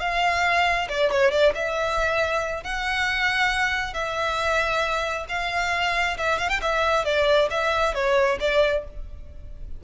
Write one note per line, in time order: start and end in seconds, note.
0.00 0.88 F5
0.89 1.11 D5
1.11 1.31 C#5
1.31 1.53 D5
1.55 2.64 E5
2.64 3.94 F#5
3.94 5.26 E5
5.29 6.17 F5
6.18 6.39 E5
6.39 6.49 F5
6.49 6.60 G5
6.62 7.05 E5
7.05 7.49 D5
7.51 7.94 E5
7.94 8.38 C#5
8.40 8.84 D5